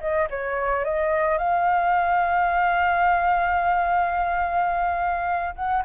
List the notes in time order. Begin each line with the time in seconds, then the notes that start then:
0.00 D#5
0.30 C#5
0.84 D#5
1.38 F5
5.55 F#5